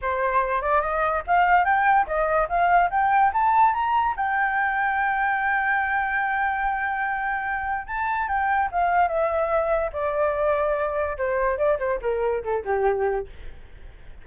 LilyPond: \new Staff \with { instrumentName = "flute" } { \time 4/4 \tempo 4 = 145 c''4. d''8 dis''4 f''4 | g''4 dis''4 f''4 g''4 | a''4 ais''4 g''2~ | g''1~ |
g''2. a''4 | g''4 f''4 e''2 | d''2. c''4 | d''8 c''8 ais'4 a'8 g'4. | }